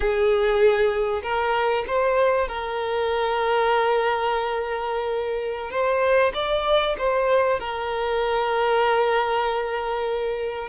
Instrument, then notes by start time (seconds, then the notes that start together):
violin
0.00 G#4
1.22 A#4
1.87 C5
2.48 A#4
5.70 C5
6.34 D5
6.98 C5
7.59 A#4